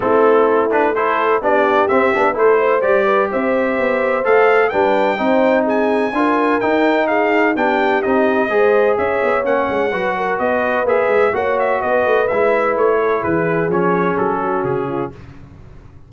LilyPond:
<<
  \new Staff \with { instrumentName = "trumpet" } { \time 4/4 \tempo 4 = 127 a'4. b'8 c''4 d''4 | e''4 c''4 d''4 e''4~ | e''4 f''4 g''2 | gis''2 g''4 f''4 |
g''4 dis''2 e''4 | fis''2 dis''4 e''4 | fis''8 e''8 dis''4 e''4 cis''4 | b'4 cis''4 a'4 gis'4 | }
  \new Staff \with { instrumentName = "horn" } { \time 4/4 e'2 a'4 g'4~ | g'4 a'8 c''4 b'8 c''4~ | c''2 b'4 c''4 | gis'4 ais'2 gis'4 |
g'2 c''4 cis''4~ | cis''4 b'8 ais'8 b'2 | cis''4 b'2~ b'8 a'8 | gis'2~ gis'8 fis'4 f'8 | }
  \new Staff \with { instrumentName = "trombone" } { \time 4/4 c'4. d'8 e'4 d'4 | c'8 d'8 e'4 g'2~ | g'4 a'4 d'4 dis'4~ | dis'4 f'4 dis'2 |
d'4 dis'4 gis'2 | cis'4 fis'2 gis'4 | fis'2 e'2~ | e'4 cis'2. | }
  \new Staff \with { instrumentName = "tuba" } { \time 4/4 a2. b4 | c'8 b8 a4 g4 c'4 | b4 a4 g4 c'4~ | c'4 d'4 dis'2 |
b4 c'4 gis4 cis'8 b8 | ais8 gis8 fis4 b4 ais8 gis8 | ais4 b8 a8 gis4 a4 | e4 f4 fis4 cis4 | }
>>